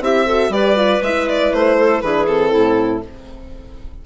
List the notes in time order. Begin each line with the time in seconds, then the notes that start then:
0.00 C4 E4 G4 E5
0.25 F#4 A4
0.49 G3 G4 B4 D5
0.76 F4
1.01 G#3 E4 E5
1.28 D5
1.52 A3 C5
1.77 A4
2.01 E3 D4 G#4 B4
2.26 C4 A4
2.49 A2 E4